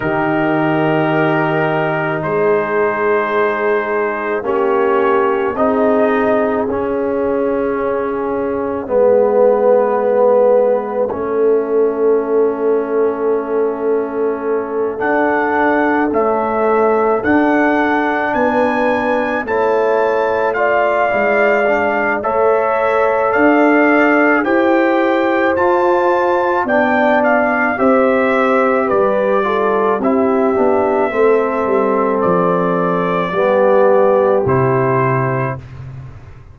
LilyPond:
<<
  \new Staff \with { instrumentName = "trumpet" } { \time 4/4 \tempo 4 = 54 ais'2 c''2 | cis''4 dis''4 e''2~ | e''1~ | e''4. fis''4 e''4 fis''8~ |
fis''8 gis''4 a''4 f''4. | e''4 f''4 g''4 a''4 | g''8 f''8 e''4 d''4 e''4~ | e''4 d''2 c''4 | }
  \new Staff \with { instrumentName = "horn" } { \time 4/4 g'2 gis'2 | g'4 gis'2. | b'2 a'2~ | a'1~ |
a'8 b'4 cis''4 d''4. | cis''4 d''4 c''2 | d''4 c''4 b'8 a'8 g'4 | a'2 g'2 | }
  \new Staff \with { instrumentName = "trombone" } { \time 4/4 dis'1 | cis'4 dis'4 cis'2 | b2 cis'2~ | cis'4. d'4 a4 d'8~ |
d'4. e'4 f'8 e'8 d'8 | a'2 g'4 f'4 | d'4 g'4. f'8 e'8 d'8 | c'2 b4 e'4 | }
  \new Staff \with { instrumentName = "tuba" } { \time 4/4 dis2 gis2 | ais4 c'4 cis'2 | gis2 a2~ | a4. d'4 cis'4 d'8~ |
d'8 b4 a4. gis4 | a4 d'4 e'4 f'4 | b4 c'4 g4 c'8 b8 | a8 g8 f4 g4 c4 | }
>>